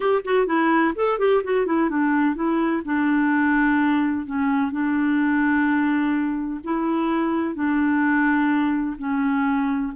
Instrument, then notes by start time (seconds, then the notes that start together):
clarinet
0.00 G4
0.24 F#4
0.46 E4
0.95 A4
1.18 G4
1.43 F#4
1.66 E4
1.89 D4
2.35 E4
2.85 D4
4.26 C#4
4.71 D4
6.64 E4
7.54 D4
8.98 C#4